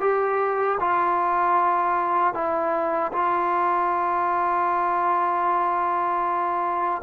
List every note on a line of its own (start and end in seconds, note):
0.00 0.78 G4
0.79 2.33 F4
2.33 3.11 E4
3.12 7.02 F4